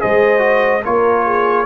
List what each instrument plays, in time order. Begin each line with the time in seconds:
0.00 tuba G#3, trombone G#4, horn C5, trumpet D#5
0.39 trombone F#4
0.84 tuba A#3, trombone F4, horn A#4, trumpet C#5
1.25 horn G#4